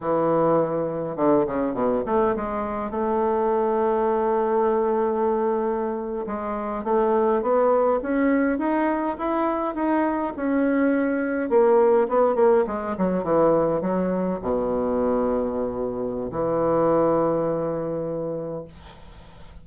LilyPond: \new Staff \with { instrumentName = "bassoon" } { \time 4/4 \tempo 4 = 103 e2 d8 cis8 b,8 a8 | gis4 a2.~ | a2~ a8. gis4 a16~ | a8. b4 cis'4 dis'4 e'16~ |
e'8. dis'4 cis'2 ais16~ | ais8. b8 ais8 gis8 fis8 e4 fis16~ | fis8. b,2.~ b,16 | e1 | }